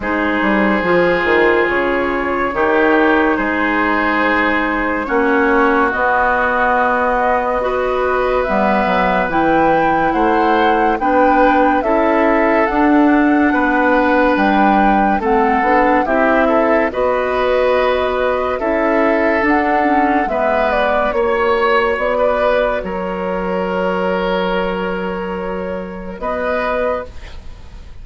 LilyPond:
<<
  \new Staff \with { instrumentName = "flute" } { \time 4/4 \tempo 4 = 71 c''2 cis''2 | c''2 cis''4 dis''4~ | dis''2 e''4 g''4 | fis''4 g''4 e''4 fis''4~ |
fis''4 g''4 fis''4 e''4 | dis''2 e''4 fis''4 | e''8 d''8 cis''4 d''4 cis''4~ | cis''2. dis''4 | }
  \new Staff \with { instrumentName = "oboe" } { \time 4/4 gis'2. g'4 | gis'2 fis'2~ | fis'4 b'2. | c''4 b'4 a'2 |
b'2 a'4 g'8 a'8 | b'2 a'2 | b'4 cis''4~ cis''16 b'8. ais'4~ | ais'2. b'4 | }
  \new Staff \with { instrumentName = "clarinet" } { \time 4/4 dis'4 f'2 dis'4~ | dis'2 cis'4 b4~ | b4 fis'4 b4 e'4~ | e'4 d'4 e'4 d'4~ |
d'2 c'8 d'8 e'4 | fis'2 e'4 d'8 cis'8 | b4 fis'2.~ | fis'1 | }
  \new Staff \with { instrumentName = "bassoon" } { \time 4/4 gis8 g8 f8 dis8 cis4 dis4 | gis2 ais4 b4~ | b2 g8 fis8 e4 | a4 b4 cis'4 d'4 |
b4 g4 a8 b8 c'4 | b2 cis'4 d'4 | gis4 ais4 b4 fis4~ | fis2. b4 | }
>>